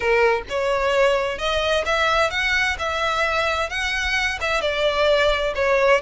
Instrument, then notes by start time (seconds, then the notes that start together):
violin
0.00 A#4
0.49 C#5
1.38 D#5
1.85 E5
2.30 F#5
2.78 E5
3.69 F#5
4.40 E5
4.61 D5
5.55 C#5